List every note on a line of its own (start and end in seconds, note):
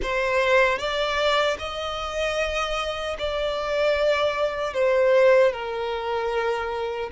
0.02 0.78 C5
0.78 1.57 D5
1.59 3.17 D#5
3.18 4.73 D5
4.73 5.52 C5
5.52 7.10 A#4